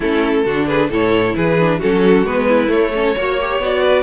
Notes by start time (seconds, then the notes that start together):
0.00 A3 C#4 E4 A4
0.44 D3 D4 F#4
0.67 G#4 B4
0.89 A2 E4 A4 C#5
1.35 E3 G#4 B4
1.60 D4
1.79 F#3 C#4 F#4 A4
2.23 G#3 B3 B4
2.48 E4
2.67 A3 C#5
2.93 C#4 A4
3.15 A#3 F#4 C#5
3.40 G4
3.58 B3 F#4 D5
3.83 B4